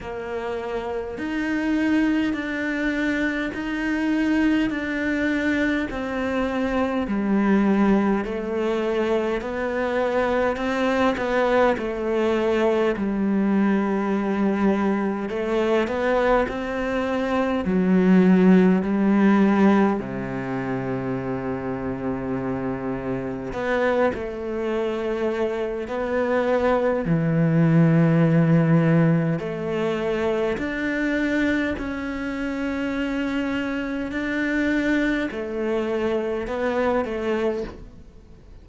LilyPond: \new Staff \with { instrumentName = "cello" } { \time 4/4 \tempo 4 = 51 ais4 dis'4 d'4 dis'4 | d'4 c'4 g4 a4 | b4 c'8 b8 a4 g4~ | g4 a8 b8 c'4 fis4 |
g4 c2. | b8 a4. b4 e4~ | e4 a4 d'4 cis'4~ | cis'4 d'4 a4 b8 a8 | }